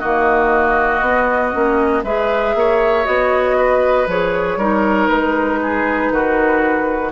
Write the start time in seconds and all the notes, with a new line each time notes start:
0.00 D#3 A#3 F#4 D#5
1.01 B3
1.53 A#3 C#4
2.04 G#3 G#4 B4 E5
2.55 A#3 C#5
3.05 B3 F#4 D#5
3.58 B4
4.07 F3 G#4 C#5
4.57 G3 D#4 A#4
5.08 G#3 B4
5.62 G#4
6.11 D#3 F#4